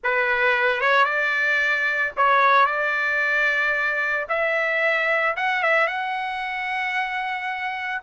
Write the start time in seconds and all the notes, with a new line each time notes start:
0.03 B4
0.81 C#5
1.04 D5
2.16 C#5
2.66 D5
4.28 E5
5.36 F#5
5.62 E5
5.87 F#5